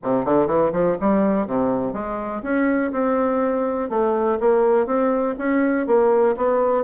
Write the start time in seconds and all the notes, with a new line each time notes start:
0.03 C3
0.25 D3
0.47 E3
0.72 F3
1.00 G3
1.46 C3
1.93 G#3
2.42 C#4
2.91 C4
3.89 A3
4.40 A#3
4.86 C4
5.38 C#4
5.86 A#3
6.37 B3